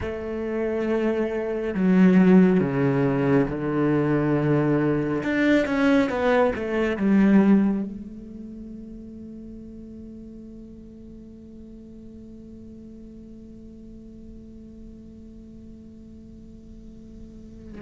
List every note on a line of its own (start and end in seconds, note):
0.00 1.74 A3
1.74 2.60 F#3
2.60 3.47 C#3
3.48 5.22 D3
5.23 5.66 D4
5.66 6.09 C#4
6.09 6.53 B3
6.55 6.96 A3
6.96 7.83 G3
7.83 17.82 A3